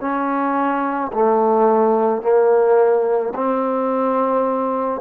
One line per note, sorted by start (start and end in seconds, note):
0.00 1.11 C#4
1.12 2.22 A3
2.22 3.33 A#3
3.34 5.01 C4